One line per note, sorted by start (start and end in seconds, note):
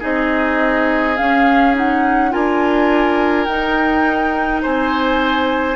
0.00 1.19 C4
0.00 1.16 D#4
0.00 2.31 G#4
0.00 1.17 D#5
1.17 1.75 C#4
1.17 2.35 C#4
1.17 1.75 F5
1.75 2.31 D#4
1.75 2.33 F#5
2.31 3.47 D4
2.31 3.47 F4
2.31 4.62 A#4
2.31 3.45 G#5
3.45 4.63 D#4
3.45 5.76 D#4
3.45 4.61 G5
4.62 5.76 C4
4.62 5.76 C5
4.62 5.76 G#5